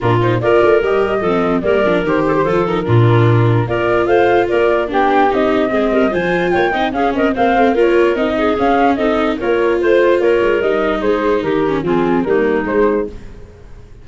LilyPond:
<<
  \new Staff \with { instrumentName = "flute" } { \time 4/4 \tempo 4 = 147 ais'8 c''8 d''4 dis''2 | d''4 c''4. ais'4.~ | ais'4 d''4 f''4 d''4 | g''4 dis''2 gis''4 |
g''4 f''8 dis''8 f''4 cis''4 | dis''4 f''4 dis''4 cis''4 | c''4 cis''4 dis''4 c''4 | ais'4 gis'4 ais'4 c''4 | }
  \new Staff \with { instrumentName = "clarinet" } { \time 4/4 f'4 ais'2 a'4 | ais'4. a'16 g'16 a'4 f'4~ | f'4 ais'4 c''4 ais'4 | g'2 gis'8 ais'8 c''4 |
cis''8 dis''8 gis'8 ais'8 c''4 ais'4~ | ais'8 gis'4. a'4 ais'4 | c''4 ais'2 gis'4 | g'4 f'4 dis'2 | }
  \new Staff \with { instrumentName = "viola" } { \time 4/4 d'8 dis'8 f'4 g'4 c'4 | ais8 d'8 g'4 f'8 dis'8 d'4~ | d'4 f'2. | d'4 dis'4 c'4 f'4~ |
f'8 dis'8 cis'4 c'4 f'4 | dis'4 cis'4 dis'4 f'4~ | f'2 dis'2~ | dis'8 cis'8 c'4 ais4 gis4 | }
  \new Staff \with { instrumentName = "tuba" } { \time 4/4 ais,4 ais8 a8 g4 f4 | g8 f8 dis4 f4 ais,4~ | ais,4 ais4 a4 ais4 | b4 c'4 gis8 g8 f4 |
ais8 c'8 cis'8 c'8 ais8 a8 ais4 | c'4 cis'4 c'4 ais4 | a4 ais8 gis8 g4 gis4 | dis4 f4 g4 gis4 | }
>>